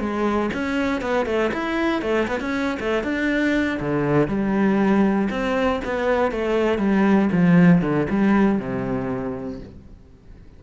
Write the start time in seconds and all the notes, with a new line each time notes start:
0.00 G#3
0.54 C#4
1.02 B3
1.26 A3
1.54 E4
2.02 A3
2.28 B3
2.41 C#4
2.80 A3
3.04 D4
3.80 D3
4.28 G3
5.31 C4
5.85 B3
6.32 A3
6.79 G3
7.32 F3
7.82 D3
8.10 G3
8.60 C3